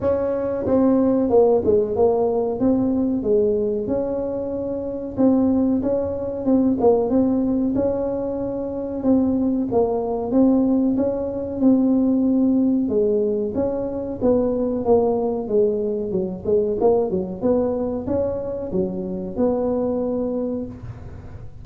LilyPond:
\new Staff \with { instrumentName = "tuba" } { \time 4/4 \tempo 4 = 93 cis'4 c'4 ais8 gis8 ais4 | c'4 gis4 cis'2 | c'4 cis'4 c'8 ais8 c'4 | cis'2 c'4 ais4 |
c'4 cis'4 c'2 | gis4 cis'4 b4 ais4 | gis4 fis8 gis8 ais8 fis8 b4 | cis'4 fis4 b2 | }